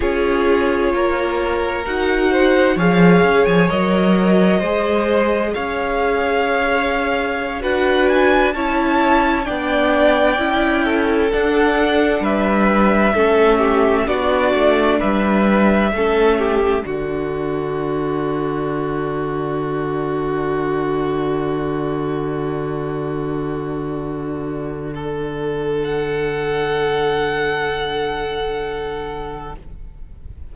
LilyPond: <<
  \new Staff \with { instrumentName = "violin" } { \time 4/4 \tempo 4 = 65 cis''2 fis''4 f''8. gis''16 | dis''2 f''2~ | f''16 fis''8 gis''8 a''4 g''4.~ g''16~ | g''16 fis''4 e''2 d''8.~ |
d''16 e''2 d''4.~ d''16~ | d''1~ | d''1 | fis''1 | }
  \new Staff \with { instrumentName = "violin" } { \time 4/4 gis'4 ais'4. c''8 cis''4~ | cis''4 c''4 cis''2~ | cis''16 b'4 cis''4 d''4. a'16~ | a'4~ a'16 b'4 a'8 g'8 fis'8.~ |
fis'16 b'4 a'8 g'8 fis'4.~ fis'16~ | fis'1~ | fis'2. a'4~ | a'1 | }
  \new Staff \with { instrumentName = "viola" } { \time 4/4 f'2 fis'4 gis'4 | ais'4 gis'2.~ | gis'16 fis'4 e'4 d'4 e'8.~ | e'16 d'2 cis'4 d'8.~ |
d'4~ d'16 cis'4 d'4.~ d'16~ | d'1~ | d'1~ | d'1 | }
  \new Staff \with { instrumentName = "cello" } { \time 4/4 cis'4 ais4 dis'4 f8 cis'16 f16 | fis4 gis4 cis'2~ | cis'16 d'4 cis'4 b4 cis'8.~ | cis'16 d'4 g4 a4 b8 a16~ |
a16 g4 a4 d4.~ d16~ | d1~ | d1~ | d1 | }
>>